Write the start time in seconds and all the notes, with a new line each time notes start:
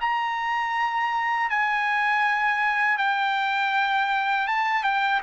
0.00 A#5
1.49 G#5
2.97 G5
4.47 A5
4.83 G5